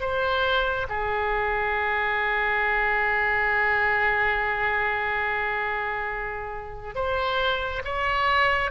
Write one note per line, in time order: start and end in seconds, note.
0.00 0.87 C5
0.89 6.95 G#4
6.95 7.82 C5
7.85 8.71 C#5